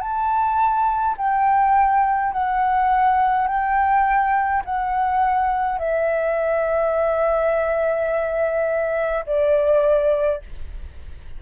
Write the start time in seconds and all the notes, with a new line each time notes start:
0.00 A5
1.17 G5
2.32 F#5
3.47 G5
4.65 F#5
5.78 E5
9.26 D5